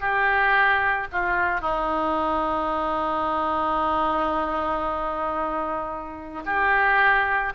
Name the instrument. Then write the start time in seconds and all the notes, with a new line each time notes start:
oboe
0.00 G4
1.12 F4
1.61 D#4
6.45 G4